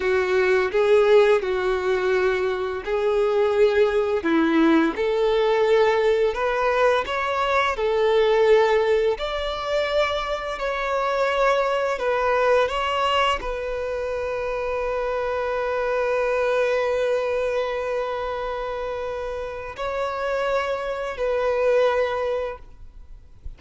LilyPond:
\new Staff \with { instrumentName = "violin" } { \time 4/4 \tempo 4 = 85 fis'4 gis'4 fis'2 | gis'2 e'4 a'4~ | a'4 b'4 cis''4 a'4~ | a'4 d''2 cis''4~ |
cis''4 b'4 cis''4 b'4~ | b'1~ | b'1 | cis''2 b'2 | }